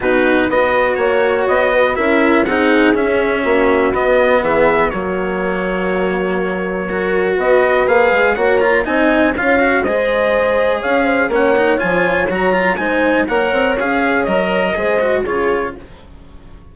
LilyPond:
<<
  \new Staff \with { instrumentName = "trumpet" } { \time 4/4 \tempo 4 = 122 b'4 dis''4 cis''4 dis''4 | e''4 fis''4 e''2 | dis''4 e''4 cis''2~ | cis''2. dis''4 |
f''4 fis''8 ais''8 gis''4 f''4 | dis''2 f''4 fis''4 | gis''4 ais''4 gis''4 fis''4 | f''4 dis''2 cis''4 | }
  \new Staff \with { instrumentName = "horn" } { \time 4/4 fis'4 b'4 cis''4. b'8 | ais'4 gis'2 fis'4~ | fis'4 gis'4 fis'2~ | fis'2 ais'4 b'4~ |
b'4 cis''4 dis''4 cis''4 | c''2 cis''8 c''8 cis''4~ | cis''2 c''4 cis''4~ | cis''2 c''4 gis'4 | }
  \new Staff \with { instrumentName = "cello" } { \time 4/4 dis'4 fis'2. | e'4 dis'4 cis'2 | b2 ais2~ | ais2 fis'2 |
gis'4 fis'8 f'8 dis'4 f'8 fis'8 | gis'2. cis'8 dis'8 | f'4 fis'8 f'8 dis'4 ais'4 | gis'4 ais'4 gis'8 fis'8 f'4 | }
  \new Staff \with { instrumentName = "bassoon" } { \time 4/4 b,4 b4 ais4 b4 | cis'4 c'4 cis'4 ais4 | b4 e4 fis2~ | fis2. b4 |
ais8 gis8 ais4 c'4 cis'4 | gis2 cis'4 ais4 | f4 fis4 gis4 ais8 c'8 | cis'4 fis4 gis4 cis4 | }
>>